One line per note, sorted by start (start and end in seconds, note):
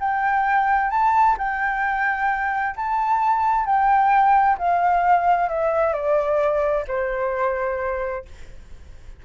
0.00 0.91 G5
0.91 1.37 A5
1.38 2.76 G5
2.76 3.66 A5
3.66 4.57 G5
4.58 5.49 F5
5.49 5.93 E5
5.93 6.85 D5
6.88 8.25 C5